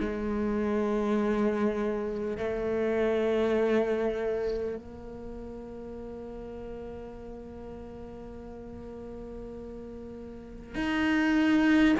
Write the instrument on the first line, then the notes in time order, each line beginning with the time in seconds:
cello
0.00 G#3
2.37 A3
4.76 A#3
10.75 D#4